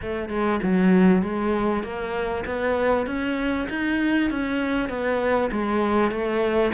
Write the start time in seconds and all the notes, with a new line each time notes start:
0.01 A3
0.29 G#3
0.62 F#3
1.22 G#3
1.83 A#3
2.45 B3
3.06 C#4
3.69 D#4
4.30 C#4
4.89 B3
5.51 G#3
6.11 A3